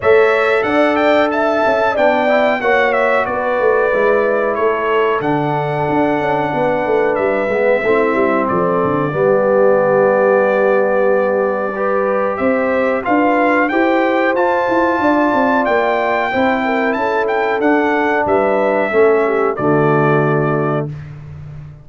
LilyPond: <<
  \new Staff \with { instrumentName = "trumpet" } { \time 4/4 \tempo 4 = 92 e''4 fis''8 g''8 a''4 g''4 | fis''8 e''8 d''2 cis''4 | fis''2. e''4~ | e''4 d''2.~ |
d''2. e''4 | f''4 g''4 a''2 | g''2 a''8 g''8 fis''4 | e''2 d''2 | }
  \new Staff \with { instrumentName = "horn" } { \time 4/4 cis''4 d''4 e''4 d''4 | cis''4 b'2 a'4~ | a'2 b'2 | e'4 a'4 g'2~ |
g'2 b'4 c''4 | b'4 c''2 d''4~ | d''4 c''8 ais'8 a'2 | b'4 a'8 g'8 fis'2 | }
  \new Staff \with { instrumentName = "trombone" } { \time 4/4 a'2. d'8 e'8 | fis'2 e'2 | d'2.~ d'8 b8 | c'2 b2~ |
b2 g'2 | f'4 g'4 f'2~ | f'4 e'2 d'4~ | d'4 cis'4 a2 | }
  \new Staff \with { instrumentName = "tuba" } { \time 4/4 a4 d'4. cis'8 b4 | ais4 b8 a8 gis4 a4 | d4 d'8 cis'8 b8 a8 g8 gis8 | a8 g8 f8 d8 g2~ |
g2. c'4 | d'4 e'4 f'8 e'8 d'8 c'8 | ais4 c'4 cis'4 d'4 | g4 a4 d2 | }
>>